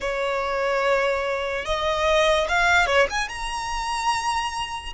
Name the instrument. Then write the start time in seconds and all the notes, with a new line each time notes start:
violin
0.00 C#5
1.65 D#5
2.48 F5
2.86 C#5
3.10 G#5
3.29 A#5